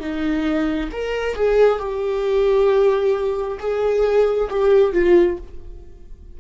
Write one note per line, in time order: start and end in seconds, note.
0.00 0.90 D#4
0.92 1.34 A#4
1.34 1.79 G#4
1.79 3.58 G4
3.59 4.49 G#4
4.50 4.93 G4
4.93 5.37 F4